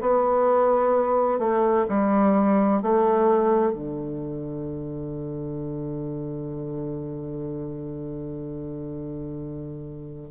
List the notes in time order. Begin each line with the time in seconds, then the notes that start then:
0.00 B3
1.39 A3
1.88 G3
2.82 A3
3.73 D3